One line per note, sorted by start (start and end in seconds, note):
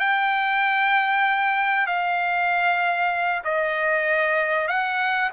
0.00 1.87 G5
1.87 3.43 F5
3.45 4.68 D#5
4.68 5.31 F#5